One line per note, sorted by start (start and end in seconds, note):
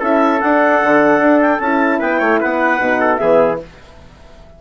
0.00 0.41 C#4
0.00 0.41 E4
0.00 1.99 A4
0.00 0.41 E5
0.41 0.82 D4
0.41 1.63 D4
0.41 1.41 F#5
0.84 1.19 D3
1.19 1.59 D4
1.41 1.60 G5
1.60 2.00 C#4
1.60 2.79 E4
1.60 2.00 A5
1.99 2.21 B3
1.99 2.19 B4
1.99 2.41 G5
2.19 2.41 A3
2.19 2.39 C#5
2.41 2.80 B3
2.41 3.00 B4
2.41 3.17 F#5
2.79 3.20 B2
2.79 3.18 D#4
3.00 3.20 A4
3.17 3.61 E3
3.17 3.58 B3
3.17 3.61 G#4
3.17 3.57 E5